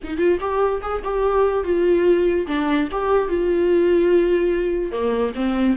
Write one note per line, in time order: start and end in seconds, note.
0.03 0.17 D#4
0.17 0.38 F4
0.40 0.81 G4
0.81 1.02 G#4
1.04 1.64 G4
1.64 2.46 F4
2.47 2.88 D4
2.91 3.28 G4
3.28 4.91 F4
4.91 5.32 A#3
5.35 5.76 C4